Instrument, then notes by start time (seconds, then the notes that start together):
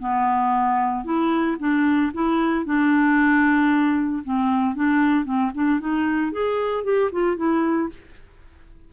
clarinet
0.00 B3
1.05 E4
1.60 D4
2.14 E4
2.66 D4
4.25 C4
4.76 D4
5.25 C4
5.55 D4
5.81 D#4
6.32 G#4
6.84 G4
7.12 F4
7.37 E4